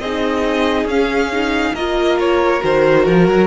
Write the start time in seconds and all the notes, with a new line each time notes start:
0.00 C4 D#4 G#4 D#5
0.85 C#4 F5
1.33 D#4
1.74 A#3 F4 A#4 D#5
2.20 C#5
2.61 D#3 F#4 C5
3.05 F3 A#4
3.29 F#3